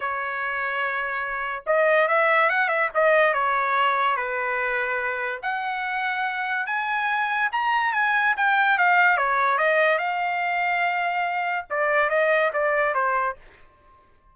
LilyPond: \new Staff \with { instrumentName = "trumpet" } { \time 4/4 \tempo 4 = 144 cis''1 | dis''4 e''4 fis''8 e''8 dis''4 | cis''2 b'2~ | b'4 fis''2. |
gis''2 ais''4 gis''4 | g''4 f''4 cis''4 dis''4 | f''1 | d''4 dis''4 d''4 c''4 | }